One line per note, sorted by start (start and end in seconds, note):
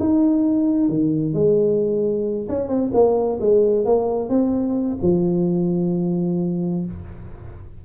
0.00 0.89 D#4
0.89 1.34 D#3
1.34 2.48 G#3
2.49 2.69 C#4
2.69 2.92 C4
2.94 3.40 A#3
3.41 3.86 G#3
3.86 4.29 A#3
4.29 4.98 C4
5.03 6.86 F3